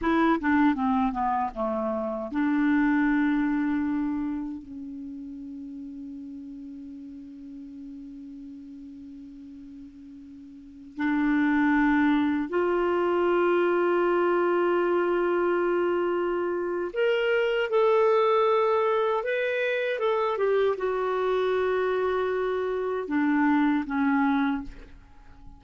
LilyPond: \new Staff \with { instrumentName = "clarinet" } { \time 4/4 \tempo 4 = 78 e'8 d'8 c'8 b8 a4 d'4~ | d'2 cis'2~ | cis'1~ | cis'2~ cis'16 d'4.~ d'16~ |
d'16 f'2.~ f'8.~ | f'2 ais'4 a'4~ | a'4 b'4 a'8 g'8 fis'4~ | fis'2 d'4 cis'4 | }